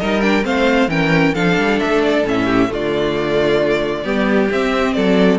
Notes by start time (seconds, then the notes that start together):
0.00 G3 D#4 A#4 D#5
0.22 D4 G5
0.43 A3 C4 C5 F5
0.88 E3 C#4 A#4 G5
1.35 F3 D4 A4 F5
1.58 G3
1.79 A3 E5
2.03 D5
2.24 A2 C#4 E5
2.46 G4
2.68 D3 A3 F4 D5
4.04 G3 B3 G4
4.51 C4 E5
4.94 F#3 A4 D5